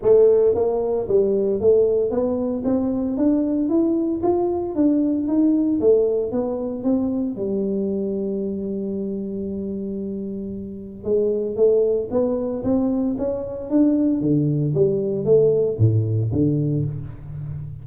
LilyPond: \new Staff \with { instrumentName = "tuba" } { \time 4/4 \tempo 4 = 114 a4 ais4 g4 a4 | b4 c'4 d'4 e'4 | f'4 d'4 dis'4 a4 | b4 c'4 g2~ |
g1~ | g4 gis4 a4 b4 | c'4 cis'4 d'4 d4 | g4 a4 a,4 d4 | }